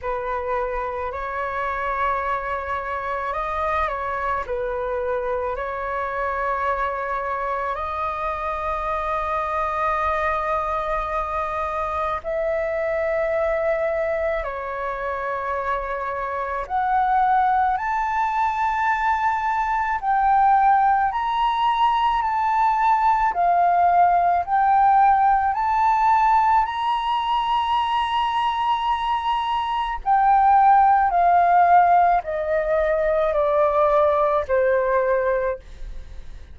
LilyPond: \new Staff \with { instrumentName = "flute" } { \time 4/4 \tempo 4 = 54 b'4 cis''2 dis''8 cis''8 | b'4 cis''2 dis''4~ | dis''2. e''4~ | e''4 cis''2 fis''4 |
a''2 g''4 ais''4 | a''4 f''4 g''4 a''4 | ais''2. g''4 | f''4 dis''4 d''4 c''4 | }